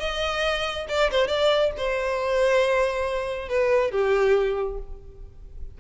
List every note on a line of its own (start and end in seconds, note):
0.00 0.87 D#5
0.89 1.11 D5
1.11 1.28 C5
1.28 1.71 D5
1.77 3.49 C5
3.49 3.92 B4
3.92 4.78 G4